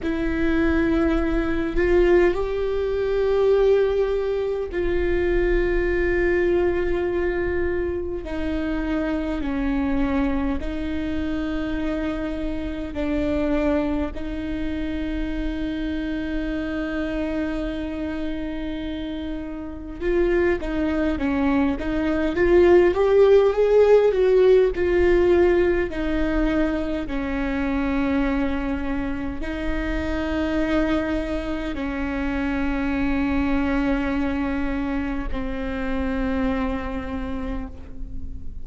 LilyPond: \new Staff \with { instrumentName = "viola" } { \time 4/4 \tempo 4 = 51 e'4. f'8 g'2 | f'2. dis'4 | cis'4 dis'2 d'4 | dis'1~ |
dis'4 f'8 dis'8 cis'8 dis'8 f'8 g'8 | gis'8 fis'8 f'4 dis'4 cis'4~ | cis'4 dis'2 cis'4~ | cis'2 c'2 | }